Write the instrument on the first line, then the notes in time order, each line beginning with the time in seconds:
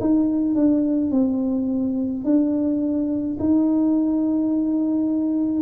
tuba
0.00 D#4
0.55 D4
1.11 C4
2.24 D4
3.39 D#4